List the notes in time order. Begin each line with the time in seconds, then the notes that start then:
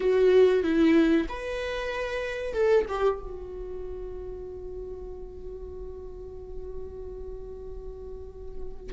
0.00 F#4
0.63 E4
1.29 B4
2.53 A4
2.88 G4
3.19 F#4